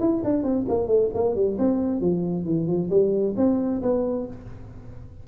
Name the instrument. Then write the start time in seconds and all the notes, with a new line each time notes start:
tuba
0.00 E4
0.24 D4
0.43 C4
0.68 A#3
0.87 A3
1.14 A#3
1.35 G3
1.58 C4
2.01 F3
2.45 E3
2.67 F3
2.90 G3
3.37 C4
3.82 B3